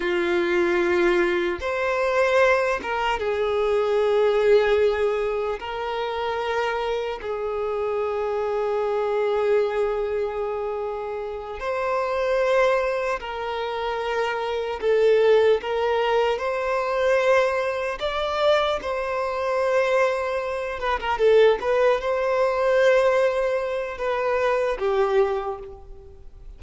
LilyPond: \new Staff \with { instrumentName = "violin" } { \time 4/4 \tempo 4 = 75 f'2 c''4. ais'8 | gis'2. ais'4~ | ais'4 gis'2.~ | gis'2~ gis'8 c''4.~ |
c''8 ais'2 a'4 ais'8~ | ais'8 c''2 d''4 c''8~ | c''2 b'16 ais'16 a'8 b'8 c''8~ | c''2 b'4 g'4 | }